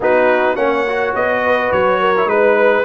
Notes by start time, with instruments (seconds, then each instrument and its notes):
0.00 tuba B3, trombone D#4, horn F#4, trumpet B4
0.55 tuba A#3, trombone C#4, horn C#5, trumpet F#5
0.88 trombone F#4
1.14 tuba B3, trumpet D#5
1.44 horn B4
1.71 tuba F#3, trumpet C#5
2.00 horn A#4
2.16 trombone E4
2.25 tuba G#3, trombone D#4, horn B4, trumpet B4